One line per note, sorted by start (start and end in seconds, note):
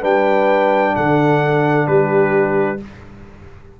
0.00 0.95 G3
0.00 2.77 D4
0.00 0.92 B4
0.00 0.95 G5
0.95 1.87 D3
0.95 1.87 A4
0.95 1.87 F#5
1.87 2.80 G3
1.87 2.80 G4
1.87 2.79 B4